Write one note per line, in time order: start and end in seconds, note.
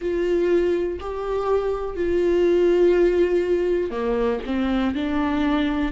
0.00 0.99 F4
1.00 1.96 G4
1.96 3.90 F4
3.90 4.39 A#3
4.46 4.94 C4
4.94 5.92 D4